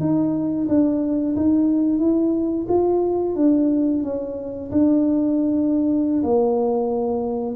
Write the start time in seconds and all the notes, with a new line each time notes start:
0.00 D#4
0.68 D4
1.36 D#4
1.99 E4
2.68 F4
3.36 D4
4.03 C#4
4.71 D4
6.23 A#3